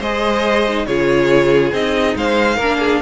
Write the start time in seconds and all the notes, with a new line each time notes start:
0.00 G#3 G#4 C5 D#5
0.68 D#4
0.86 C#3 F4 G#4 C#5
1.72 C4 D#4 D#5
2.16 G#3 C5 F5
2.56 A#3 D4 A#4
2.79 G#4